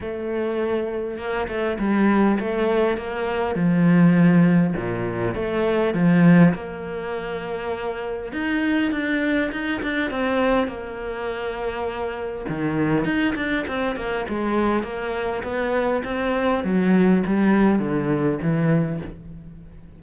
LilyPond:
\new Staff \with { instrumentName = "cello" } { \time 4/4 \tempo 4 = 101 a2 ais8 a8 g4 | a4 ais4 f2 | ais,4 a4 f4 ais4~ | ais2 dis'4 d'4 |
dis'8 d'8 c'4 ais2~ | ais4 dis4 dis'8 d'8 c'8 ais8 | gis4 ais4 b4 c'4 | fis4 g4 d4 e4 | }